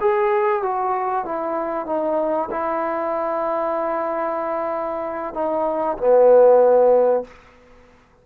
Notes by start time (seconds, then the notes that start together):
0.00 G#4
0.62 F#4
1.25 E4
1.86 D#4
2.51 E4
5.34 D#4
5.97 B3